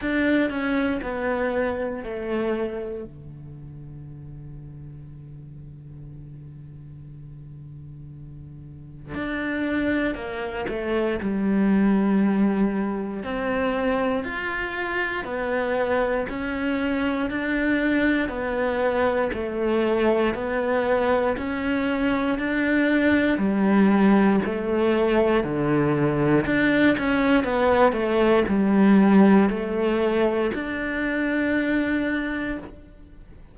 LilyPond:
\new Staff \with { instrumentName = "cello" } { \time 4/4 \tempo 4 = 59 d'8 cis'8 b4 a4 d4~ | d1~ | d4 d'4 ais8 a8 g4~ | g4 c'4 f'4 b4 |
cis'4 d'4 b4 a4 | b4 cis'4 d'4 g4 | a4 d4 d'8 cis'8 b8 a8 | g4 a4 d'2 | }